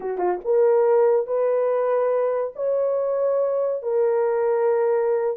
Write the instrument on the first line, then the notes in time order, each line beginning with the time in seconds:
horn
0.00 F#4
0.17 F4
0.44 A#4
1.26 B4
2.55 C#5
3.82 A#4